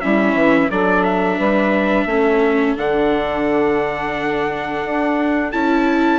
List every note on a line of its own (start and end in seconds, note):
0.00 0.34 G3
0.00 0.70 C#4
0.00 0.69 E4
0.00 0.69 E5
0.34 0.68 E3
0.69 1.39 F#3
0.69 2.08 D4
0.69 1.37 A4
0.69 1.03 D5
1.03 2.75 E5
1.37 2.05 G3
1.37 2.05 B4
2.05 2.74 A3
2.05 2.76 C#4
2.05 6.19 A4
2.76 4.84 D3
2.76 5.52 D4
2.76 5.51 F#5
4.84 5.53 D4
5.51 6.19 C#4
5.51 6.19 E4
5.51 6.19 A5